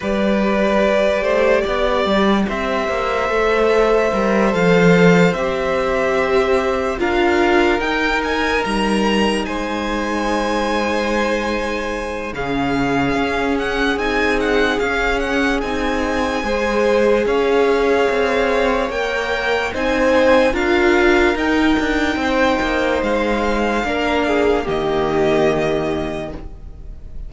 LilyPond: <<
  \new Staff \with { instrumentName = "violin" } { \time 4/4 \tempo 4 = 73 d''2. e''4~ | e''4. f''4 e''4.~ | e''8 f''4 g''8 gis''8 ais''4 gis''8~ | gis''2. f''4~ |
f''8 fis''8 gis''8 fis''8 f''8 fis''8 gis''4~ | gis''4 f''2 g''4 | gis''4 f''4 g''2 | f''2 dis''2 | }
  \new Staff \with { instrumentName = "violin" } { \time 4/4 b'4. c''8 d''4 c''4~ | c''1~ | c''8 ais'2. c''8~ | c''2. gis'4~ |
gis'1 | c''4 cis''2. | c''4 ais'2 c''4~ | c''4 ais'8 gis'8 g'2 | }
  \new Staff \with { instrumentName = "viola" } { \time 4/4 g'1 | a'4 ais'8 a'4 g'4.~ | g'8 f'4 dis'2~ dis'8~ | dis'2. cis'4~ |
cis'4 dis'4 cis'4 dis'4 | gis'2. ais'4 | dis'4 f'4 dis'2~ | dis'4 d'4 ais2 | }
  \new Staff \with { instrumentName = "cello" } { \time 4/4 g4. a8 b8 g8 c'8 ais8 | a4 g8 f4 c'4.~ | c'8 d'4 dis'4 g4 gis8~ | gis2. cis4 |
cis'4 c'4 cis'4 c'4 | gis4 cis'4 c'4 ais4 | c'4 d'4 dis'8 d'8 c'8 ais8 | gis4 ais4 dis2 | }
>>